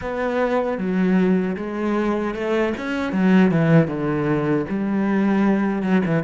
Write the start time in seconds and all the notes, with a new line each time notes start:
0.01 B3
0.78 F#3
1.56 G#3
2.34 A3
2.77 C#4
3.12 F#3
3.51 E3
3.87 D3
4.69 G3
5.82 F#3
6.05 E3